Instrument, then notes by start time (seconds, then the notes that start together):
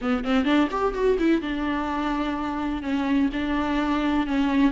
viola
0.01 B3
0.24 C4
0.44 D4
0.71 G4
0.93 F#4
1.18 E4
1.41 D4
2.82 C#4
3.33 D4
4.26 C#4